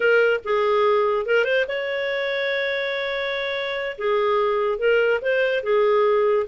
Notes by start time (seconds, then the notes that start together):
0.00 A#4
0.44 G#4
1.26 A#4
1.44 C5
1.68 C#5
3.98 G#4
4.78 A#4
5.21 C5
5.63 G#4